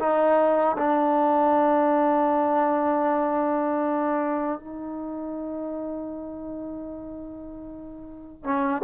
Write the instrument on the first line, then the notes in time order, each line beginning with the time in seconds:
trombone
0.00 D#4
0.78 D4
4.59 D#4
8.44 C#4